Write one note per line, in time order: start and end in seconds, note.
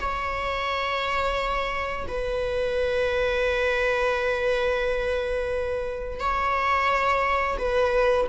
0.00 2.07 C#5
2.08 6.20 B4
6.20 7.58 C#5
7.58 8.27 B4